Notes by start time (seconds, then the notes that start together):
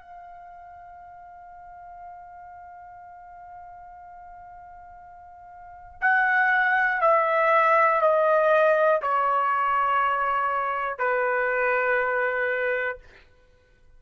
0.00 F5
6.00 F#5
7.01 E5
8.00 D#5
9.01 C#5
10.98 B4